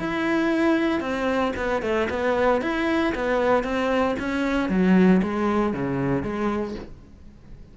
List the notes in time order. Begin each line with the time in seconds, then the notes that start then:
0.00 E4
1.01 C4
1.57 B3
1.83 A3
2.10 B3
2.62 E4
3.15 B3
3.64 C4
4.20 C#4
4.70 F#3
5.23 G#3
5.74 C#3
6.23 G#3